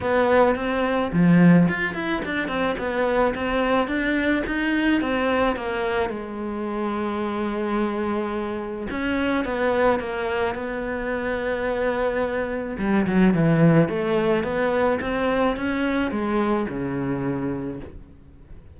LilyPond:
\new Staff \with { instrumentName = "cello" } { \time 4/4 \tempo 4 = 108 b4 c'4 f4 f'8 e'8 | d'8 c'8 b4 c'4 d'4 | dis'4 c'4 ais4 gis4~ | gis1 |
cis'4 b4 ais4 b4~ | b2. g8 fis8 | e4 a4 b4 c'4 | cis'4 gis4 cis2 | }